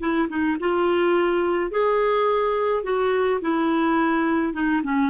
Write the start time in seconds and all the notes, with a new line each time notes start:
0.00 E4
0.29 D#4
0.60 F4
1.71 G#4
2.84 F#4
3.42 E4
4.54 D#4
4.84 C#4